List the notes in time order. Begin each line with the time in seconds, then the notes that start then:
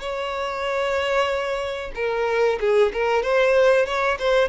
0.00 C#5
1.95 A#4
2.60 G#4
2.93 A#4
3.22 C5
3.86 C#5
4.19 C5